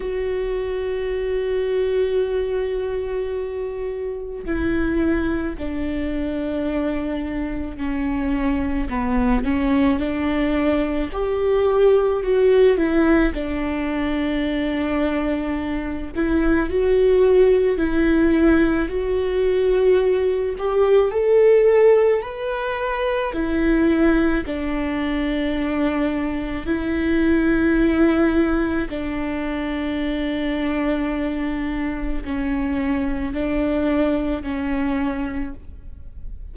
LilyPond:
\new Staff \with { instrumentName = "viola" } { \time 4/4 \tempo 4 = 54 fis'1 | e'4 d'2 cis'4 | b8 cis'8 d'4 g'4 fis'8 e'8 | d'2~ d'8 e'8 fis'4 |
e'4 fis'4. g'8 a'4 | b'4 e'4 d'2 | e'2 d'2~ | d'4 cis'4 d'4 cis'4 | }